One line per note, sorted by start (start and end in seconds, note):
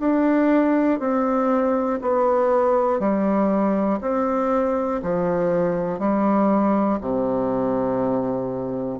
0.00 1.00 D4
1.00 2.00 C4
2.01 3.00 B3
3.00 4.00 G3
4.01 5.01 C4
5.02 5.99 F3
5.99 6.99 G3
7.01 9.00 C3